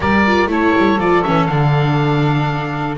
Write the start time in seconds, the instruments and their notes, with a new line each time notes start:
0.00 double bass G3, viola G4, saxophone A#4, oboe D5
0.26 viola F4
0.46 double bass A3, viola E4, saxophone A4, oboe C#5
0.77 double bass G3
0.97 double bass F3, viola F4, oboe D5
1.22 double bass E3, viola C#4, oboe E5
1.46 double bass D3, viola D4, oboe F5